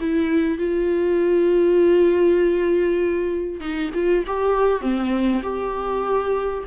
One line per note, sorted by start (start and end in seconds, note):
0.00 0.58 E4
0.58 3.60 F4
3.60 3.91 D#4
3.94 4.25 F4
4.27 4.81 G4
4.81 5.42 C4
5.43 6.64 G4